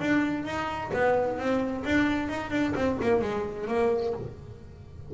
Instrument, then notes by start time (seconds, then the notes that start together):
double bass
0.00 D4
0.45 D#4
0.94 B3
1.38 C4
1.85 D4
2.29 D#4
2.51 D4
2.75 C4
3.02 A#3
3.22 G#3
3.68 A#3